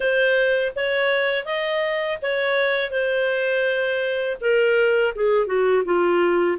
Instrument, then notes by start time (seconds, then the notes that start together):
clarinet
0.00 C5
0.75 C#5
1.45 D#5
2.22 C#5
2.91 C5
4.41 A#4
5.15 G#4
5.46 F#4
5.84 F4